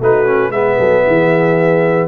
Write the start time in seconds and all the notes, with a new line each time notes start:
0.00 A3 D#4 F#4 B4
0.26 C#4
0.50 G#3 B3 B4 E5
0.79 F#3 A4
1.07 E3 G#4